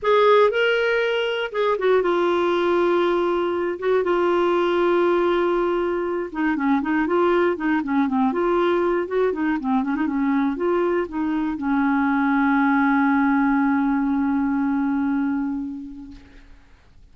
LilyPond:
\new Staff \with { instrumentName = "clarinet" } { \time 4/4 \tempo 4 = 119 gis'4 ais'2 gis'8 fis'8 | f'2.~ f'8 fis'8 | f'1~ | f'8 dis'8 cis'8 dis'8 f'4 dis'8 cis'8 |
c'8 f'4. fis'8 dis'8 c'8 cis'16 dis'16 | cis'4 f'4 dis'4 cis'4~ | cis'1~ | cis'1 | }